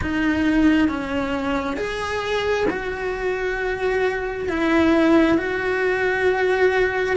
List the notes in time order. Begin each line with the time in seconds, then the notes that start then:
0.01 D#4
0.88 C#4
1.76 G#4
2.69 F#4
4.48 E4
5.37 F#4